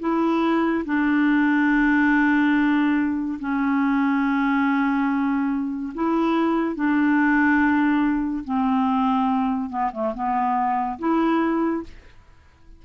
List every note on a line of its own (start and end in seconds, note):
0.00 0.85 E4
0.86 3.39 D4
3.40 5.93 C#4
5.95 6.76 E4
6.76 8.45 D4
8.45 9.70 C4
9.70 9.91 B3
9.93 10.14 A3
10.14 10.99 B3
10.99 11.83 E4